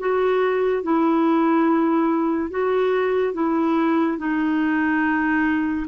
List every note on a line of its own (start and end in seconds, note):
0.00 0.83 F#4
0.83 2.51 E4
2.51 3.34 F#4
3.34 4.18 E4
4.18 5.87 D#4